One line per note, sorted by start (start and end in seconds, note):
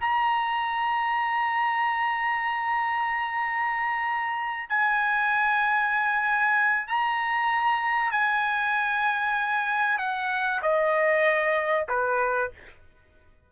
0.00 4.69 A#5
4.69 6.87 G#5
6.87 8.11 A#5
8.11 9.98 G#5
9.98 10.61 F#5
10.62 11.87 D#5
11.88 12.51 B4